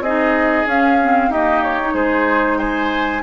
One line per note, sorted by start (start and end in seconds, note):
0.00 0.64 C4
0.00 0.67 D#4
0.00 1.30 G#4
0.00 0.66 D#5
0.66 1.29 C#4
0.66 0.99 C#4
0.66 1.32 F5
1.01 1.32 C4
1.29 1.80 A#3
1.29 1.93 D#4
1.29 1.94 G4
1.29 1.62 D#5
1.62 1.94 C#5
1.80 3.22 D#4
1.93 3.21 G#3
1.93 2.57 G#4
1.93 2.58 C5
2.58 3.22 C5
2.58 3.22 G#5